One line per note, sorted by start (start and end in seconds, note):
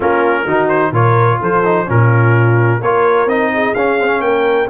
0.00 0.45 A#3
0.00 0.47 C#4
0.00 0.45 F4
0.00 0.68 A#4
0.45 0.91 D#3
0.45 0.93 D#4
0.45 0.92 F#4
0.68 0.92 C5
0.91 1.38 A#2
0.91 1.64 F4
0.91 1.40 A#4
0.91 1.41 C#5
1.40 1.88 F3
1.40 1.87 A4
1.40 1.90 C5
1.64 1.86 D#4
1.86 2.81 A#2
1.86 2.80 C#4
1.86 2.81 F4
1.86 2.82 A#4
2.81 3.25 A#3
2.81 3.28 F4
2.81 3.51 A#4
2.81 3.28 C#5
3.25 3.72 C4
3.25 3.75 D#4
3.25 3.74 D#5
3.53 4.23 G#4
3.74 4.20 C#4
3.74 3.99 C#4
3.74 4.21 F5
3.99 4.06 C4
4.06 4.65 C#4
4.20 4.67 A#3
4.20 4.69 A#4
4.20 4.68 G5